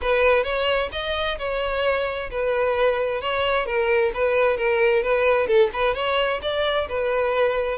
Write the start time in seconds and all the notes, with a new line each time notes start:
0.01 B4
0.43 C#5
0.92 D#5
1.38 C#5
2.30 B4
3.21 C#5
3.66 A#4
4.14 B4
4.57 A#4
5.02 B4
5.47 A4
5.73 B4
5.94 C#5
6.42 D5
6.88 B4